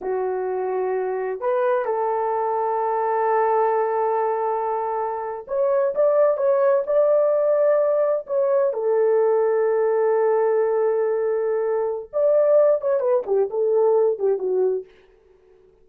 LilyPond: \new Staff \with { instrumentName = "horn" } { \time 4/4 \tempo 4 = 129 fis'2. b'4 | a'1~ | a'2.~ a'8. cis''16~ | cis''8. d''4 cis''4 d''4~ d''16~ |
d''4.~ d''16 cis''4 a'4~ a'16~ | a'1~ | a'2 d''4. cis''8 | b'8 g'8 a'4. g'8 fis'4 | }